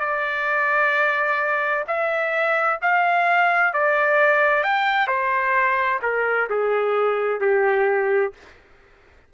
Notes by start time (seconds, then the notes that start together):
0.00 D5
1.87 E5
2.82 F5
3.73 D5
4.64 G5
5.08 C5
6.03 A#4
6.50 G#4
7.41 G4